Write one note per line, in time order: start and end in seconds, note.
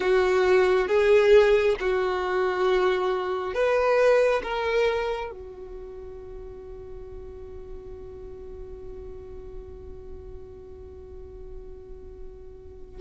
0.00 0.87 F#4
0.87 1.76 G#4
1.80 3.53 F#4
3.53 4.42 B4
4.42 5.31 A#4
5.31 13.01 F#4